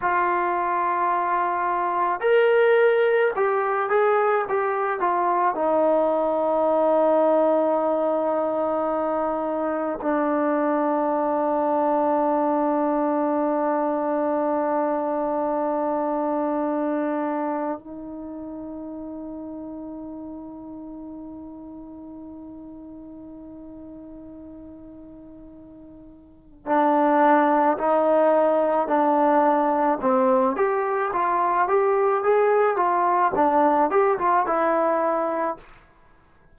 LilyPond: \new Staff \with { instrumentName = "trombone" } { \time 4/4 \tempo 4 = 54 f'2 ais'4 g'8 gis'8 | g'8 f'8 dis'2.~ | dis'4 d'2.~ | d'1 |
dis'1~ | dis'1 | d'4 dis'4 d'4 c'8 g'8 | f'8 g'8 gis'8 f'8 d'8 g'16 f'16 e'4 | }